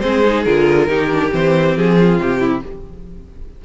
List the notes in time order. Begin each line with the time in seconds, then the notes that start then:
0.00 G#3 C4 G#4 C5
0.25 D#4
0.45 D3 F4 A#4
0.88 D#3 D#4 G4
1.12 D4
1.31 E3 C4 C5
1.77 F3 G#4
1.98 F4
2.19 C3 G4
2.40 E4